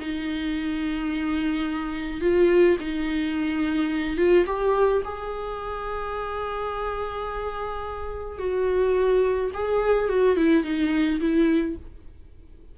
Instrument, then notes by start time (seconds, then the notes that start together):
viola
0.00 D#4
2.21 F4
2.80 D#4
4.17 F4
4.46 G4
5.05 G#4
8.39 F#4
9.54 G#4
10.09 F#4
10.37 E4
10.64 D#4
11.20 E4